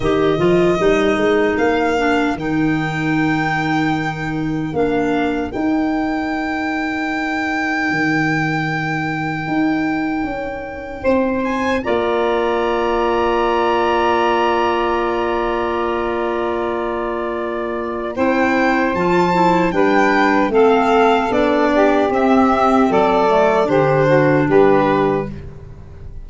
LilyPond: <<
  \new Staff \with { instrumentName = "violin" } { \time 4/4 \tempo 4 = 76 dis''2 f''4 g''4~ | g''2 f''4 g''4~ | g''1~ | g''2~ g''8 gis''8 ais''4~ |
ais''1~ | ais''2. g''4 | a''4 g''4 f''4 d''4 | e''4 d''4 c''4 b'4 | }
  \new Staff \with { instrumentName = "saxophone" } { \time 4/4 ais'1~ | ais'1~ | ais'1~ | ais'2 c''4 d''4~ |
d''1~ | d''2. c''4~ | c''4 b'4 a'4. g'8~ | g'4 a'4 g'8 fis'8 g'4 | }
  \new Staff \with { instrumentName = "clarinet" } { \time 4/4 g'8 f'8 dis'4. d'8 dis'4~ | dis'2 d'4 dis'4~ | dis'1~ | dis'2. f'4~ |
f'1~ | f'2. e'4 | f'8 e'8 d'4 c'4 d'4 | c'4. a8 d'2 | }
  \new Staff \with { instrumentName = "tuba" } { \time 4/4 dis8 f8 g8 gis8 ais4 dis4~ | dis2 ais4 dis'4~ | dis'2 dis2 | dis'4 cis'4 c'4 ais4~ |
ais1~ | ais2. c'4 | f4 g4 a4 b4 | c'4 fis4 d4 g4 | }
>>